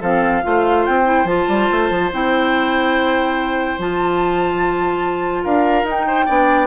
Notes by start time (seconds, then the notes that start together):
0.00 F3 C4 A4 F5
0.42 A3 F4 C5
0.86 C4 G5
1.04 E4
1.24 F3 F4 A5
1.48 G3
1.71 A3
1.90 F3
2.12 C4 E4 G5
3.78 F3 F4 A5
5.43 D4 A#4 F5
5.83 D#4
5.90 G5
6.07 C5
6.25 B3 D4 D5